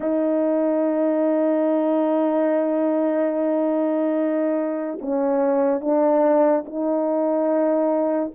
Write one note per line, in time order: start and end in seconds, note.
0.00 4.98 D#4
5.01 5.81 C#4
5.81 6.64 D4
6.65 8.32 D#4